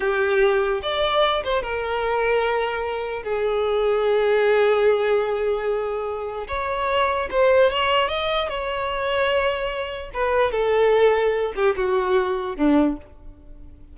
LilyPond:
\new Staff \with { instrumentName = "violin" } { \time 4/4 \tempo 4 = 148 g'2 d''4. c''8 | ais'1 | gis'1~ | gis'1 |
cis''2 c''4 cis''4 | dis''4 cis''2.~ | cis''4 b'4 a'2~ | a'8 g'8 fis'2 d'4 | }